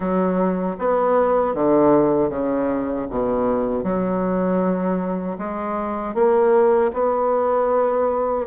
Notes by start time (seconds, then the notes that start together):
0.00 F#3
0.78 B3
1.54 D3
2.29 C#3
3.09 B2
3.83 F#3
5.38 G#3
6.14 A#3
6.93 B3